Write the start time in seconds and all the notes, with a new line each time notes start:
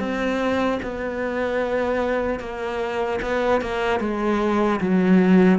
0.00 C4
0.83 B3
2.40 A#3
3.22 B3
3.61 A#3
4.00 G#3
4.81 F#3